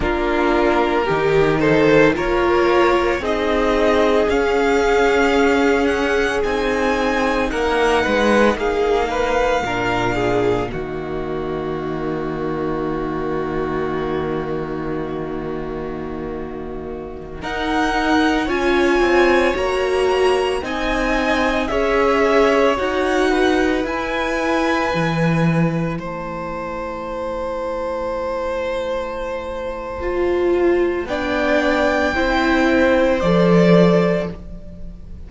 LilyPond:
<<
  \new Staff \with { instrumentName = "violin" } { \time 4/4 \tempo 4 = 56 ais'4. c''8 cis''4 dis''4 | f''4. fis''8 gis''4 fis''4 | f''2 dis''2~ | dis''1~ |
dis''16 fis''4 gis''4 ais''4 gis''8.~ | gis''16 e''4 fis''4 gis''4.~ gis''16~ | gis''16 a''2.~ a''8.~ | a''4 g''2 d''4 | }
  \new Staff \with { instrumentName = "violin" } { \time 4/4 f'4 g'8 a'8 ais'4 gis'4~ | gis'2. ais'8 b'8 | gis'8 b'8 ais'8 gis'8 fis'2~ | fis'1~ |
fis'16 ais'4 cis''2 dis''8.~ | dis''16 cis''4. b'2~ b'16~ | b'16 c''2.~ c''8.~ | c''4 d''4 c''2 | }
  \new Staff \with { instrumentName = "viola" } { \time 4/4 d'4 dis'4 f'4 dis'4 | cis'2 dis'2~ | dis'4 d'4 ais2~ | ais1~ |
ais16 dis'4 f'4 fis'4 dis'8.~ | dis'16 gis'4 fis'4 e'4.~ e'16~ | e'1 | f'4 d'4 e'4 a'4 | }
  \new Staff \with { instrumentName = "cello" } { \time 4/4 ais4 dis4 ais4 c'4 | cis'2 c'4 ais8 gis8 | ais4 ais,4 dis2~ | dis1~ |
dis16 dis'4 cis'8 c'8 ais4 c'8.~ | c'16 cis'4 dis'4 e'4 e8.~ | e16 a2.~ a8.~ | a4 b4 c'4 f4 | }
>>